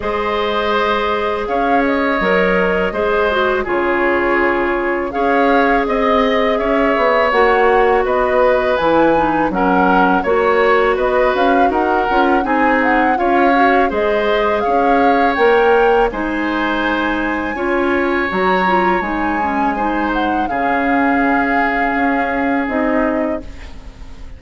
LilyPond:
<<
  \new Staff \with { instrumentName = "flute" } { \time 4/4 \tempo 4 = 82 dis''2 f''8 dis''4.~ | dis''4 cis''2 f''4 | dis''4 e''4 fis''4 dis''4 | gis''4 fis''4 cis''4 dis''8 f''8 |
fis''4 gis''8 fis''8 f''4 dis''4 | f''4 g''4 gis''2~ | gis''4 ais''4 gis''4. fis''8 | f''2. dis''4 | }
  \new Staff \with { instrumentName = "oboe" } { \time 4/4 c''2 cis''2 | c''4 gis'2 cis''4 | dis''4 cis''2 b'4~ | b'4 ais'4 cis''4 b'4 |
ais'4 gis'4 cis''4 c''4 | cis''2 c''2 | cis''2. c''4 | gis'1 | }
  \new Staff \with { instrumentName = "clarinet" } { \time 4/4 gis'2. ais'4 | gis'8 fis'8 f'2 gis'4~ | gis'2 fis'2 | e'8 dis'8 cis'4 fis'2~ |
fis'8 f'8 dis'4 f'8 fis'8 gis'4~ | gis'4 ais'4 dis'2 | f'4 fis'8 f'8 dis'8 cis'8 dis'4 | cis'2. dis'4 | }
  \new Staff \with { instrumentName = "bassoon" } { \time 4/4 gis2 cis'4 fis4 | gis4 cis2 cis'4 | c'4 cis'8 b8 ais4 b4 | e4 fis4 ais4 b8 cis'8 |
dis'8 cis'8 c'4 cis'4 gis4 | cis'4 ais4 gis2 | cis'4 fis4 gis2 | cis2 cis'4 c'4 | }
>>